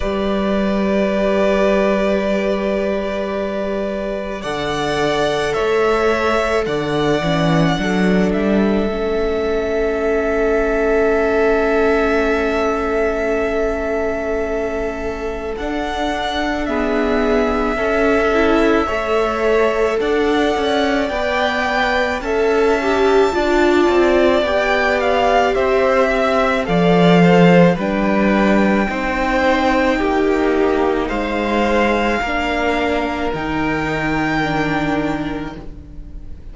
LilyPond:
<<
  \new Staff \with { instrumentName = "violin" } { \time 4/4 \tempo 4 = 54 d''1 | fis''4 e''4 fis''4. e''8~ | e''1~ | e''2 fis''4 e''4~ |
e''2 fis''4 g''4 | a''2 g''8 f''8 e''4 | f''4 g''2. | f''2 g''2 | }
  \new Staff \with { instrumentName = "violin" } { \time 4/4 b'1 | d''4 cis''4 d''4 a'4~ | a'1~ | a'2. gis'4 |
a'4 cis''4 d''2 | e''4 d''2 c''8 e''8 | d''8 c''8 b'4 c''4 g'4 | c''4 ais'2. | }
  \new Staff \with { instrumentName = "viola" } { \time 4/4 g'1 | a'2~ a'8 cis'8 d'4 | cis'1~ | cis'2 d'4 b4 |
cis'8 e'8 a'2 b'4 | a'8 g'8 f'4 g'2 | a'4 d'4 dis'2~ | dis'4 d'4 dis'4 d'4 | }
  \new Staff \with { instrumentName = "cello" } { \time 4/4 g1 | d4 a4 d8 e8 fis8 g8 | a1~ | a2 d'2 |
cis'4 a4 d'8 cis'8 b4 | cis'4 d'8 c'8 b4 c'4 | f4 g4 c'4 ais4 | gis4 ais4 dis2 | }
>>